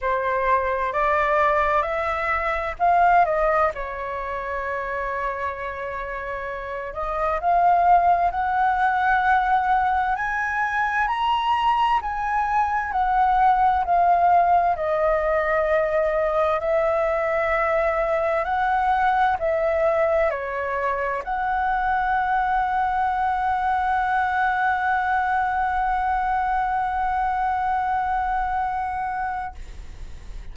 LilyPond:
\new Staff \with { instrumentName = "flute" } { \time 4/4 \tempo 4 = 65 c''4 d''4 e''4 f''8 dis''8 | cis''2.~ cis''8 dis''8 | f''4 fis''2 gis''4 | ais''4 gis''4 fis''4 f''4 |
dis''2 e''2 | fis''4 e''4 cis''4 fis''4~ | fis''1~ | fis''1 | }